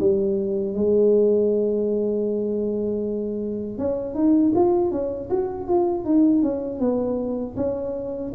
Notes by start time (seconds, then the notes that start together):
0.00 G3
0.75 G#3
3.78 C#4
4.15 D#4
4.55 F4
4.92 C#4
5.30 F#4
5.68 F4
6.05 D#4
6.42 C#4
6.80 B3
7.57 C#4